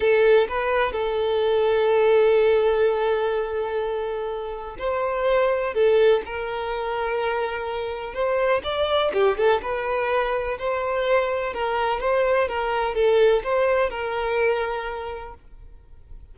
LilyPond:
\new Staff \with { instrumentName = "violin" } { \time 4/4 \tempo 4 = 125 a'4 b'4 a'2~ | a'1~ | a'2 c''2 | a'4 ais'2.~ |
ais'4 c''4 d''4 g'8 a'8 | b'2 c''2 | ais'4 c''4 ais'4 a'4 | c''4 ais'2. | }